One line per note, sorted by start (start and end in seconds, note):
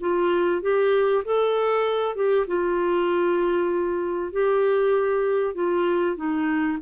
0.00 0.62 F4
0.62 1.23 G4
1.25 2.15 A4
2.15 2.46 G4
2.47 4.32 F4
4.32 5.54 G4
5.54 6.16 F4
6.16 6.78 D#4